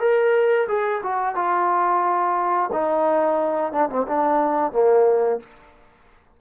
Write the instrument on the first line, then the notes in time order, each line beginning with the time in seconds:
trombone
0.00 A#4
0.68 G#4
1.03 F#4
1.35 F4
2.73 D#4
3.73 D4
3.90 C4
4.08 D4
4.72 A#3